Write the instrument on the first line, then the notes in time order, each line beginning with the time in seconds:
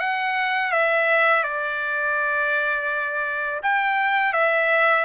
trumpet
0.00 F#5
0.72 E5
1.44 D5
3.63 G5
4.33 E5